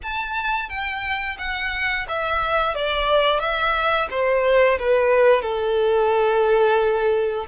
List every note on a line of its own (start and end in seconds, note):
0.02 0.68 A5
0.68 1.37 G5
1.38 2.06 F#5
2.08 2.75 E5
2.75 3.39 D5
3.39 4.08 E5
4.10 4.78 C5
4.79 5.42 B4
5.42 7.46 A4